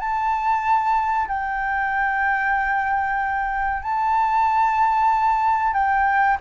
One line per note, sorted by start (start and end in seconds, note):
0.00 1.28 A5
1.28 3.83 G5
3.83 5.74 A5
5.74 6.37 G5